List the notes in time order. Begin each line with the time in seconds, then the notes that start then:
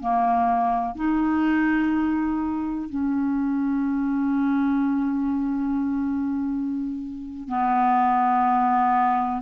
0.00 A#3
0.96 D#4
2.89 C#4
7.49 B3